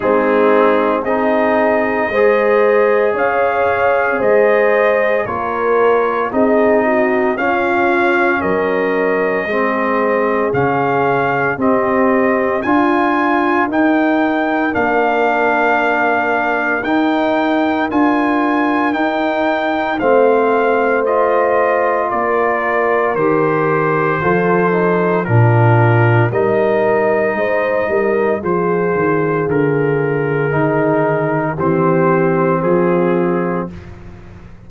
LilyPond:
<<
  \new Staff \with { instrumentName = "trumpet" } { \time 4/4 \tempo 4 = 57 gis'4 dis''2 f''4 | dis''4 cis''4 dis''4 f''4 | dis''2 f''4 dis''4 | gis''4 g''4 f''2 |
g''4 gis''4 g''4 f''4 | dis''4 d''4 c''2 | ais'4 dis''2 c''4 | ais'2 c''4 gis'4 | }
  \new Staff \with { instrumentName = "horn" } { \time 4/4 dis'4 gis'4 c''4 cis''4 | c''4 ais'4 gis'8 fis'8 f'4 | ais'4 gis'2 g'4 | f'4 ais'2.~ |
ais'2. c''4~ | c''4 ais'2 a'4 | f'4 ais'4 c''8 ais'8 gis'4~ | gis'2 g'4 f'4 | }
  \new Staff \with { instrumentName = "trombone" } { \time 4/4 c'4 dis'4 gis'2~ | gis'4 f'4 dis'4 cis'4~ | cis'4 c'4 cis'4 c'4 | f'4 dis'4 d'2 |
dis'4 f'4 dis'4 c'4 | f'2 g'4 f'8 dis'8 | d'4 dis'2 f'4~ | f'4 dis'4 c'2 | }
  \new Staff \with { instrumentName = "tuba" } { \time 4/4 gis4 c'4 gis4 cis'4 | gis4 ais4 c'4 cis'4 | fis4 gis4 cis4 c'4 | d'4 dis'4 ais2 |
dis'4 d'4 dis'4 a4~ | a4 ais4 dis4 f4 | ais,4 g4 gis8 g8 f8 dis8 | d4 dis4 e4 f4 | }
>>